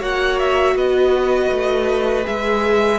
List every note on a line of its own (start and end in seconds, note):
0.00 0.76 A#3
0.00 2.24 F#4
0.00 0.75 C#5
0.00 0.40 F#5
0.40 0.77 E5
0.76 1.51 B3
0.76 3.00 B4
0.76 2.27 D#5
1.51 2.26 A3
2.24 3.00 G#3
2.24 2.99 G#4
2.24 3.00 E5